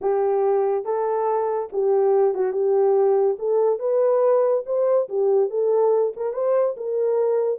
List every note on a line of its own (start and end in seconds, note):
0.01 0.84 G4
0.84 1.69 A4
1.72 2.34 G4
2.34 2.52 F#4
2.52 3.36 G4
3.38 3.79 A4
3.79 4.63 B4
4.66 5.08 C5
5.08 5.49 G4
5.49 6.13 A4
6.16 6.33 A#4
6.33 6.75 C5
6.76 7.59 A#4